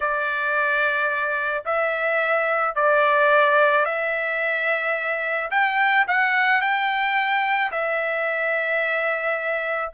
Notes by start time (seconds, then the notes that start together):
0.00 D5
1.65 E5
2.75 D5
3.85 E5
5.50 G5
6.07 F#5
6.61 G5
7.71 E5